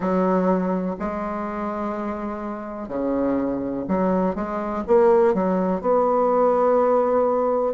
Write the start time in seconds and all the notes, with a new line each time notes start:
0.00 F#3
0.99 G#3
2.88 C#3
3.88 F#3
4.35 G#3
4.87 A#3
5.34 F#3
5.81 B3